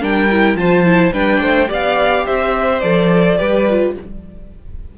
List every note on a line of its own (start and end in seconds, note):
0.00 0.54 G3
0.00 0.28 D4
0.00 0.57 A#4
0.00 0.56 G5
0.31 0.57 E4
0.54 1.10 F3
0.54 0.85 F4
0.54 1.13 C5
0.54 1.12 A5
0.85 1.12 E4
1.12 1.40 G3
1.12 1.68 D4
1.12 1.40 B4
1.12 1.69 G5
1.40 1.68 A3
1.40 1.68 C5
1.68 2.27 B3
1.68 2.80 G4
1.68 2.25 D5
1.68 2.26 F5
2.25 2.82 C4
2.25 3.37 C5
2.25 2.80 E5
2.80 3.39 F3
2.80 3.38 A4
2.80 3.92 D5
3.37 3.96 G3
3.37 3.66 G4
3.37 3.93 B4
3.70 3.98 F4